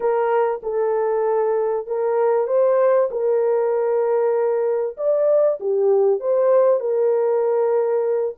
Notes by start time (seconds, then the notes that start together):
0.00 A#4
0.62 A4
1.86 A#4
2.47 C5
3.10 A#4
4.97 D5
5.60 G4
6.19 C5
6.80 A#4